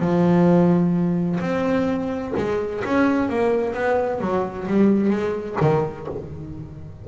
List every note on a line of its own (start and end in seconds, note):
0.00 1.40 F3
1.40 2.33 C4
2.37 2.83 G#3
2.85 3.29 C#4
3.29 3.74 A#3
3.74 4.21 B3
4.21 4.67 F#3
4.68 5.10 G3
5.10 5.57 G#3
5.61 6.07 D#3